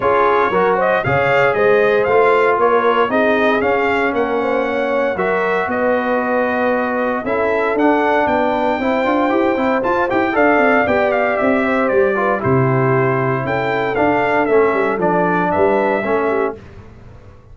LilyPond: <<
  \new Staff \with { instrumentName = "trumpet" } { \time 4/4 \tempo 4 = 116 cis''4. dis''8 f''4 dis''4 | f''4 cis''4 dis''4 f''4 | fis''2 e''4 dis''4~ | dis''2 e''4 fis''4 |
g''2. a''8 g''8 | f''4 g''8 f''8 e''4 d''4 | c''2 g''4 f''4 | e''4 d''4 e''2 | }
  \new Staff \with { instrumentName = "horn" } { \time 4/4 gis'4 ais'8 c''8 cis''4 c''4~ | c''4 ais'4 gis'2 | ais'8 c''8 cis''4 ais'4 b'4~ | b'2 a'2 |
b'4 c''2. | d''2~ d''8 c''4 b'8 | g'2 a'2~ | a'2 b'4 a'8 g'8 | }
  \new Staff \with { instrumentName = "trombone" } { \time 4/4 f'4 fis'4 gis'2 | f'2 dis'4 cis'4~ | cis'2 fis'2~ | fis'2 e'4 d'4~ |
d'4 e'8 f'8 g'8 e'8 f'8 g'8 | a'4 g'2~ g'8 f'8 | e'2. d'4 | cis'4 d'2 cis'4 | }
  \new Staff \with { instrumentName = "tuba" } { \time 4/4 cis'4 fis4 cis4 gis4 | a4 ais4 c'4 cis'4 | ais2 fis4 b4~ | b2 cis'4 d'4 |
b4 c'8 d'8 e'8 c'8 f'8 e'8 | d'8 c'8 b4 c'4 g4 | c2 cis'4 d'4 | a8 g8 f4 g4 a4 | }
>>